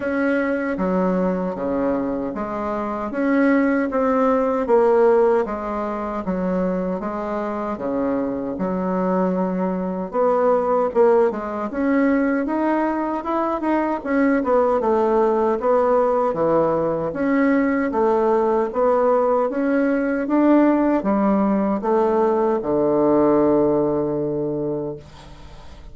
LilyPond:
\new Staff \with { instrumentName = "bassoon" } { \time 4/4 \tempo 4 = 77 cis'4 fis4 cis4 gis4 | cis'4 c'4 ais4 gis4 | fis4 gis4 cis4 fis4~ | fis4 b4 ais8 gis8 cis'4 |
dis'4 e'8 dis'8 cis'8 b8 a4 | b4 e4 cis'4 a4 | b4 cis'4 d'4 g4 | a4 d2. | }